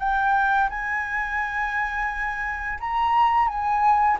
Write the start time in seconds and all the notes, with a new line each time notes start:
0.00 G5
0.70 G#5
2.81 A#5
3.48 G#5